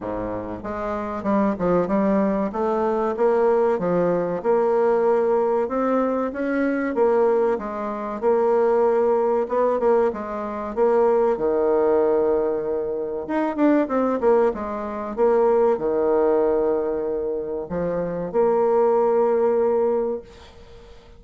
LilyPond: \new Staff \with { instrumentName = "bassoon" } { \time 4/4 \tempo 4 = 95 gis,4 gis4 g8 f8 g4 | a4 ais4 f4 ais4~ | ais4 c'4 cis'4 ais4 | gis4 ais2 b8 ais8 |
gis4 ais4 dis2~ | dis4 dis'8 d'8 c'8 ais8 gis4 | ais4 dis2. | f4 ais2. | }